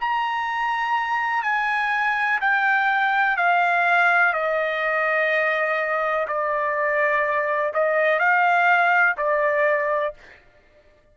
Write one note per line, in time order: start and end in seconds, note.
0.00 1.43 A#5
1.43 2.39 G#5
2.41 3.37 G5
3.37 4.33 F5
4.33 6.26 D#5
6.27 7.72 D5
7.73 8.19 D#5
8.19 9.15 F5
9.17 10.13 D5